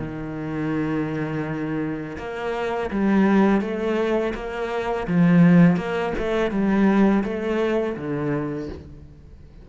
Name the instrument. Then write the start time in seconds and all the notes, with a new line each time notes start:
cello
0.00 D#3
2.18 A#3
2.90 G3
3.61 A3
4.35 A#3
5.07 F3
5.77 A#3
6.18 A3
6.51 G3
7.24 A3
7.96 D3